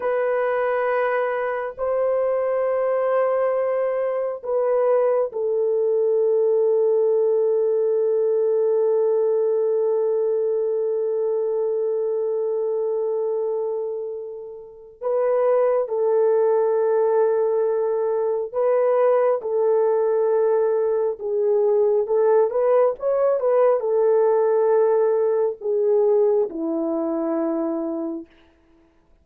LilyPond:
\new Staff \with { instrumentName = "horn" } { \time 4/4 \tempo 4 = 68 b'2 c''2~ | c''4 b'4 a'2~ | a'1~ | a'1~ |
a'4 b'4 a'2~ | a'4 b'4 a'2 | gis'4 a'8 b'8 cis''8 b'8 a'4~ | a'4 gis'4 e'2 | }